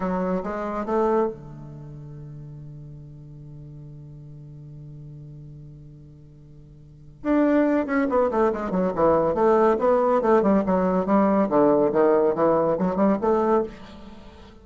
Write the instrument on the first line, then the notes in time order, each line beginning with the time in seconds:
bassoon
0.00 F#3
0.43 G#3
0.85 A3
1.27 D3
7.23 D4
7.86 C#4
8.09 B3
8.30 A3
8.52 G#3
8.70 F#3
8.95 E3
9.34 A3
9.79 B3
10.21 A3
10.42 G3
10.66 F#3
11.06 G3
11.49 D3
11.92 D#3
12.34 E3
12.78 F#3
12.96 G3
13.21 A3